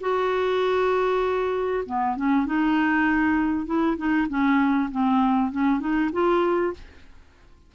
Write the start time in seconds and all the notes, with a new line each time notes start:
0.00 F#4
1.85 B3
2.16 C#4
2.46 D#4
3.66 E4
3.97 D#4
4.28 C#4
4.91 C4
5.51 C#4
5.79 D#4
6.12 F4